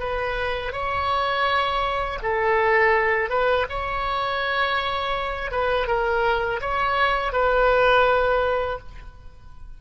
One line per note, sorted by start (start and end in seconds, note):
0.00 0.73 B4
0.73 2.19 C#5
2.23 3.30 A4
3.30 3.66 B4
3.69 5.51 C#5
5.51 5.87 B4
5.87 6.61 A#4
6.61 7.32 C#5
7.32 8.79 B4